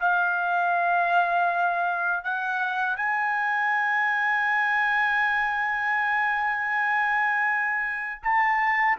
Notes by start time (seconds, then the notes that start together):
0.00 F5
2.24 F#5
2.97 G#5
8.23 A5